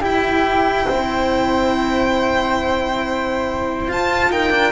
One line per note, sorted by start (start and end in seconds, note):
0.00 0.87 E4
0.00 3.88 E4
0.00 0.86 G4
0.00 3.90 G5
0.86 3.88 C4
0.86 4.29 C5
3.88 4.30 F4
3.88 4.71 F4
3.88 4.31 A5
4.30 4.50 D#4
4.30 4.71 A#4
4.30 4.71 G5
4.50 4.71 D4